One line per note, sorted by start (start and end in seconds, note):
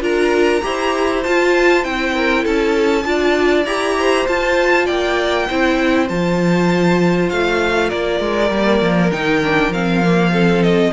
0.00 0.61 D4
0.00 0.61 F4
0.00 0.63 A#4
0.00 1.24 A#5
0.63 1.26 E4
0.63 1.23 G4
0.63 2.15 C5
1.24 1.83 F4
1.24 1.85 F4
1.24 1.84 A5
1.83 2.45 C4
1.83 3.05 E4
1.83 2.45 G5
2.15 2.44 A#4
2.44 3.05 C#4
2.44 3.04 A4
2.44 3.66 A5
3.05 3.66 D4
3.05 3.65 F4
3.05 3.99 D5
3.66 4.26 E4
3.66 4.28 G4
3.66 4.27 A#5
3.99 4.86 C5
4.28 5.49 F4
4.28 4.89 F4
4.28 4.87 A5
4.86 5.50 A#3
4.86 5.47 D5
4.86 6.08 G5
5.49 6.10 C4
5.49 6.08 E4
5.49 7.89 C5
6.08 7.31 F3
6.08 8.50 F4
6.08 7.30 A5
7.30 7.93 A3
7.30 7.90 F5
7.89 8.20 A#3
7.89 10.31 A#4
7.89 9.11 D5
8.20 8.50 G#3
8.50 8.81 G3
8.50 9.12 A#3
8.81 9.11 F3
9.12 9.69 D#3
9.12 9.42 D#4
9.12 9.73 G5
9.44 9.73 D4
9.69 10.91 F3
9.69 10.04 C4
9.69 10.63 F5
10.04 10.32 A#3
10.32 10.93 C4
10.32 10.93 A4
10.63 10.93 D#5